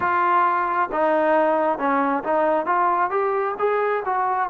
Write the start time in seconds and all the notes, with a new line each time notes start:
0.00 F4
0.92 D#4
1.78 C#4
2.23 D#4
2.66 F4
3.10 G4
3.58 G#4
4.05 F#4